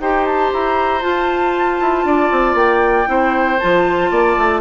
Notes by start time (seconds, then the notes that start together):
0.00 D#4 G4 C5 G5
0.25 A5
0.53 E4 A#5
1.01 F4 A5
1.80 E4
2.04 D4 D5
2.31 C4
2.54 A#3 G5
3.06 C4 E4 C5
3.59 F3 F4 A5
4.10 A#3 D5
4.37 A3